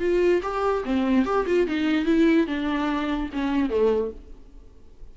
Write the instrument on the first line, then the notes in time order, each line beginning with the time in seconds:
viola
0.00 F4
0.43 G4
0.85 C4
1.26 G4
1.47 F4
1.68 D#4
2.06 E4
2.47 D4
3.33 C#4
3.70 A3